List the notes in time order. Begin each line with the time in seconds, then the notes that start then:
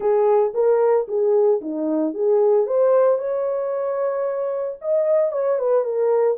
0.00 G#4
0.54 A#4
1.07 G#4
1.61 D#4
2.14 G#4
2.66 C5
3.18 C#5
4.81 D#5
5.32 C#5
5.58 B4
5.84 A#4